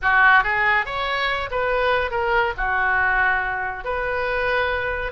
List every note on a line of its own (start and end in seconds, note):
0.02 0.43 F#4
0.43 0.85 G#4
0.85 1.49 C#5
1.50 2.10 B4
2.10 2.53 A#4
2.57 3.84 F#4
3.84 5.12 B4